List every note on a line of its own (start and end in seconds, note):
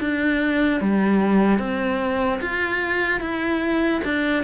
0.00 0.81 D4
0.81 1.59 G3
1.59 2.40 C4
2.41 3.20 F4
3.20 4.01 E4
4.05 4.44 D4